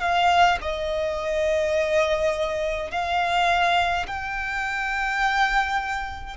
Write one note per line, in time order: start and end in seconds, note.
0.00 0.58 F5
0.61 2.91 D#5
2.91 4.06 F5
4.06 6.36 G5